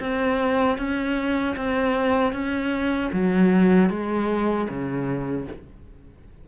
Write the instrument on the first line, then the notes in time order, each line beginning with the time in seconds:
cello
0.00 C4
0.78 C#4
1.56 C4
2.33 C#4
3.12 F#3
3.90 G#3
4.69 C#3